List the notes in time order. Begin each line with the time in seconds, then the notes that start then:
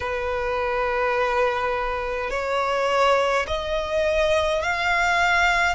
0.00 B4
2.30 C#5
3.47 D#5
4.62 F5